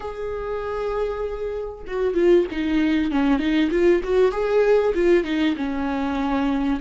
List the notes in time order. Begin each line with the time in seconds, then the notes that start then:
0.00 G#4
1.86 F#4
2.14 F4
2.51 D#4
3.11 C#4
3.39 D#4
3.70 F4
4.03 F#4
4.31 G#4
4.94 F4
5.24 D#4
5.56 C#4